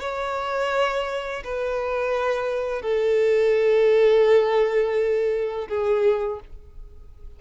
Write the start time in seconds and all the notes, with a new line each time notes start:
0.00 C#5
1.44 B4
2.82 A4
5.68 G#4